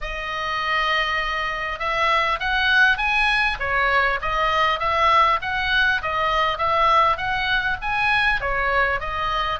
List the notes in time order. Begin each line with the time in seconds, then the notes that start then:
0.01 D#5
1.79 E5
2.39 F#5
2.97 G#5
3.59 C#5
4.21 D#5
4.79 E5
5.41 F#5
6.02 D#5
6.58 E5
7.17 F#5
7.81 G#5
8.41 C#5
9.00 D#5